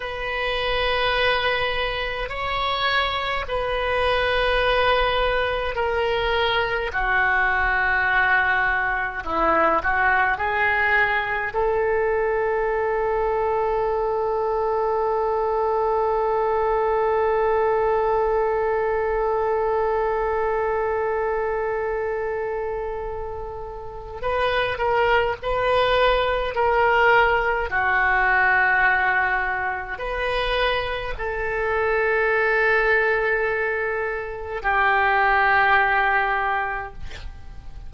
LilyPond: \new Staff \with { instrumentName = "oboe" } { \time 4/4 \tempo 4 = 52 b'2 cis''4 b'4~ | b'4 ais'4 fis'2 | e'8 fis'8 gis'4 a'2~ | a'1~ |
a'1~ | a'4 b'8 ais'8 b'4 ais'4 | fis'2 b'4 a'4~ | a'2 g'2 | }